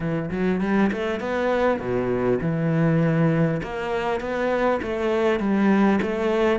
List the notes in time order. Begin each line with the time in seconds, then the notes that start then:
0.00 E3
0.30 F#3
0.60 G3
0.92 A3
1.19 B3
1.79 B2
2.41 E3
3.62 A#3
4.20 B3
4.82 A3
5.39 G3
6.02 A3